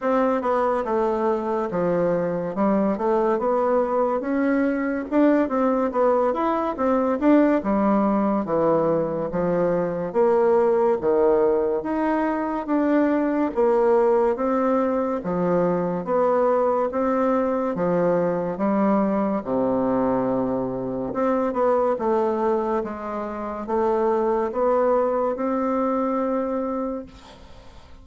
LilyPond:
\new Staff \with { instrumentName = "bassoon" } { \time 4/4 \tempo 4 = 71 c'8 b8 a4 f4 g8 a8 | b4 cis'4 d'8 c'8 b8 e'8 | c'8 d'8 g4 e4 f4 | ais4 dis4 dis'4 d'4 |
ais4 c'4 f4 b4 | c'4 f4 g4 c4~ | c4 c'8 b8 a4 gis4 | a4 b4 c'2 | }